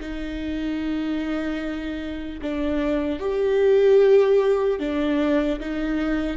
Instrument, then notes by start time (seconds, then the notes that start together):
viola
0.00 D#4
2.41 D4
3.19 G4
4.79 D4
5.60 D#4